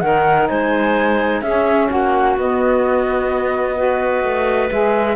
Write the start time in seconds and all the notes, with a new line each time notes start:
0.00 D#3 D#4 A#4 F#5
0.48 G#3 C5 G#5
1.41 C#4 G#4 E5
1.89 A#3 F#4 F#5
2.37 B3 D#5
3.75 F#4 B4
4.23 A3
4.70 G#3 G#4 E5